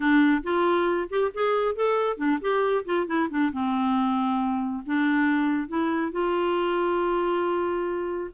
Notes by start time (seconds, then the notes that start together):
0.00 D4
0.43 F4
1.09 G4
1.34 G#4
1.75 A4
2.17 D4
2.41 G4
2.85 F4
3.07 E4
3.30 D4
3.52 C4
4.85 D4
5.68 E4
6.12 F4